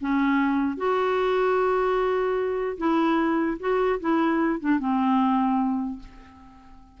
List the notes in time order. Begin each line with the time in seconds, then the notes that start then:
0.00 C#4
0.77 F#4
2.77 E4
3.59 F#4
4.00 E4
4.60 D4
4.79 C4